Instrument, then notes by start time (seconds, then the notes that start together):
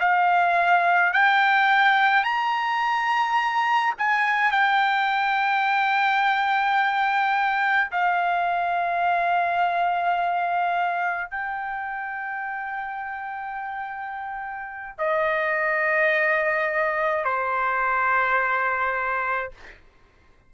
trumpet
0.00 F5
1.13 G5
2.24 A#5
3.98 G#5
4.52 G5
7.92 F5
11.31 G5
14.98 D#5
17.25 C5